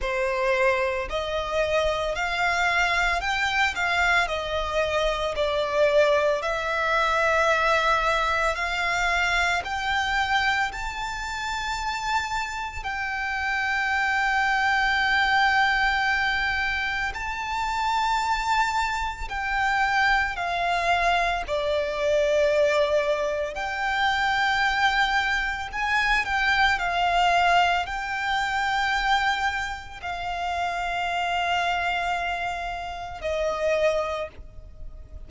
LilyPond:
\new Staff \with { instrumentName = "violin" } { \time 4/4 \tempo 4 = 56 c''4 dis''4 f''4 g''8 f''8 | dis''4 d''4 e''2 | f''4 g''4 a''2 | g''1 |
a''2 g''4 f''4 | d''2 g''2 | gis''8 g''8 f''4 g''2 | f''2. dis''4 | }